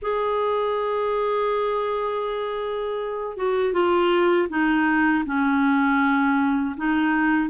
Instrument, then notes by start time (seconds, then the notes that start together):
clarinet
0.01 G#4
3.36 F#4
3.73 F4
4.49 D#4
5.25 C#4
6.76 D#4